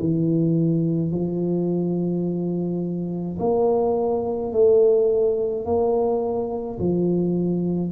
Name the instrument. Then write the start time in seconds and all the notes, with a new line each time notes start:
tuba
0.00 E3
1.12 F3
3.40 A#3
4.53 A3
5.66 A#3
6.79 F3